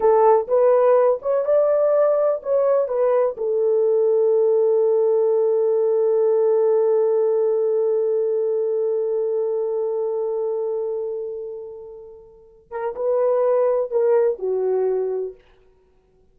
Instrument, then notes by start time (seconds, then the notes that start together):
horn
0.00 A4
0.47 B4
1.21 C#5
1.45 D5
2.42 C#5
2.88 B4
3.37 A4
12.70 A#4
12.95 B4
13.91 A#4
14.38 F#4